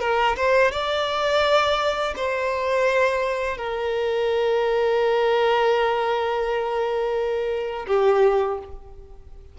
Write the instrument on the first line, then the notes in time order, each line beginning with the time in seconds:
violin
0.00 A#4
0.36 C5
0.71 D5
2.16 C5
3.57 A#4
7.87 G4